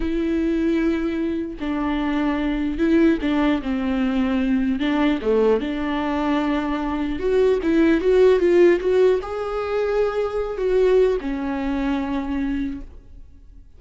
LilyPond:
\new Staff \with { instrumentName = "viola" } { \time 4/4 \tempo 4 = 150 e'1 | d'2. e'4 | d'4 c'2. | d'4 a4 d'2~ |
d'2 fis'4 e'4 | fis'4 f'4 fis'4 gis'4~ | gis'2~ gis'8 fis'4. | cis'1 | }